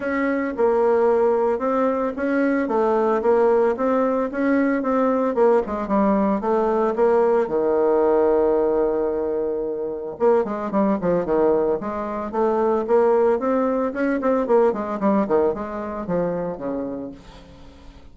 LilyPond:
\new Staff \with { instrumentName = "bassoon" } { \time 4/4 \tempo 4 = 112 cis'4 ais2 c'4 | cis'4 a4 ais4 c'4 | cis'4 c'4 ais8 gis8 g4 | a4 ais4 dis2~ |
dis2. ais8 gis8 | g8 f8 dis4 gis4 a4 | ais4 c'4 cis'8 c'8 ais8 gis8 | g8 dis8 gis4 f4 cis4 | }